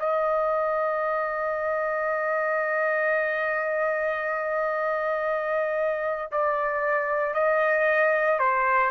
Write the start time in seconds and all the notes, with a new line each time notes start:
0.00 D#5
6.32 D5
7.34 D#5
8.39 C5